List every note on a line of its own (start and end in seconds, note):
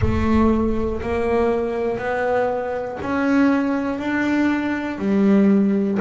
0.00 1.00 A3
1.01 1.97 A#3
1.97 2.97 B3
3.02 3.98 C#4
3.98 4.98 D4
4.98 5.98 G3